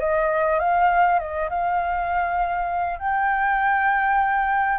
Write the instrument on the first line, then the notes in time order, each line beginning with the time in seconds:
flute
0.00 D#5
0.59 F5
1.19 D#5
1.50 F5
2.99 G5